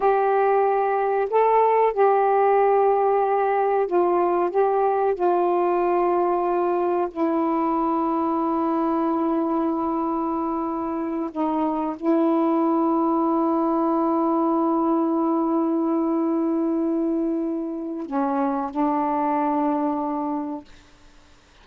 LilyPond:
\new Staff \with { instrumentName = "saxophone" } { \time 4/4 \tempo 4 = 93 g'2 a'4 g'4~ | g'2 f'4 g'4 | f'2. e'4~ | e'1~ |
e'4. dis'4 e'4.~ | e'1~ | e'1 | cis'4 d'2. | }